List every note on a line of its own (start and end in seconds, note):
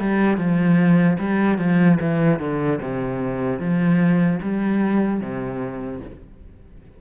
0.00 0.37 G3
0.37 1.17 F3
1.19 1.59 G3
1.59 1.99 F3
2.01 2.40 E3
2.40 2.80 D3
2.82 3.60 C3
3.60 4.40 F3
4.42 5.21 G3
5.21 6.01 C3